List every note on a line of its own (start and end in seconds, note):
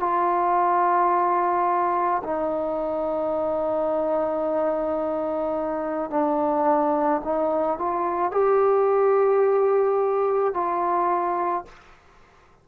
0.00 2.22 F4
2.24 6.11 D#4
6.11 7.22 D4
7.25 7.79 D#4
7.79 8.32 F4
8.32 10.54 G4
10.54 11.65 F4